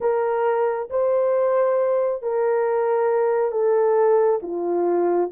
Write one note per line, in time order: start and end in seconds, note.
0.00 0.89 A#4
0.90 2.22 C5
2.22 3.51 A#4
3.51 4.40 A4
4.42 5.30 F4